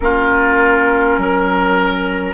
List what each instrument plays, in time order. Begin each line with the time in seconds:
0.00 bassoon A#3, clarinet C#4, oboe F4, flute A#4
1.17 bassoon F#3, oboe A#4